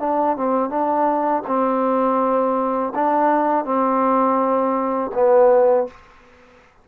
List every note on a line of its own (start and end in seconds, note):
0.00 0.37 D4
0.37 0.70 C4
0.70 1.43 D4
1.47 2.93 C4
2.95 3.65 D4
3.65 5.11 C4
5.14 5.87 B3